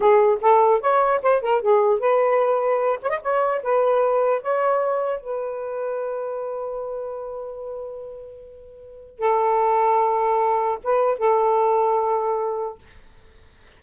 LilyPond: \new Staff \with { instrumentName = "saxophone" } { \time 4/4 \tempo 4 = 150 gis'4 a'4 cis''4 c''8 ais'8 | gis'4 b'2~ b'8 cis''16 dis''16 | cis''4 b'2 cis''4~ | cis''4 b'2.~ |
b'1~ | b'2. a'4~ | a'2. b'4 | a'1 | }